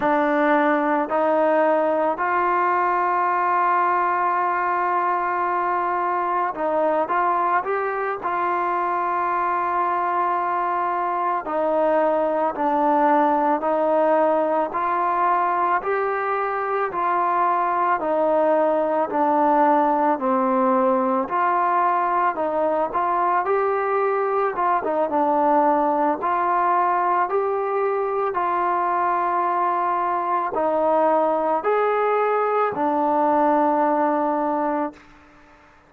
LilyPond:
\new Staff \with { instrumentName = "trombone" } { \time 4/4 \tempo 4 = 55 d'4 dis'4 f'2~ | f'2 dis'8 f'8 g'8 f'8~ | f'2~ f'8 dis'4 d'8~ | d'8 dis'4 f'4 g'4 f'8~ |
f'8 dis'4 d'4 c'4 f'8~ | f'8 dis'8 f'8 g'4 f'16 dis'16 d'4 | f'4 g'4 f'2 | dis'4 gis'4 d'2 | }